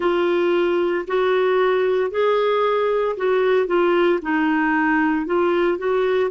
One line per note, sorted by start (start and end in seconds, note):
0.00 1.05 F4
1.07 2.11 F#4
2.11 3.16 G#4
3.16 3.67 F#4
3.67 4.19 F4
4.22 5.25 D#4
5.25 5.78 F4
5.78 6.30 F#4